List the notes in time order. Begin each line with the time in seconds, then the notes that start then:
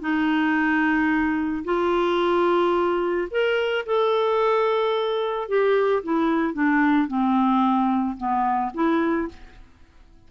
0.00 D#4
1.64 F4
3.30 A#4
3.86 A4
5.48 G4
6.03 E4
6.53 D4
7.07 C4
8.17 B3
8.73 E4